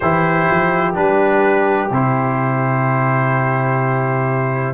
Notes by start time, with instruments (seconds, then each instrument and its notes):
0.00 tuba E3, trombone E4, horn G4, trumpet C5
0.50 tuba F3
0.93 tuba G3, trombone D4, trumpet B4
1.90 tuba C3, trombone E4, trumpet C5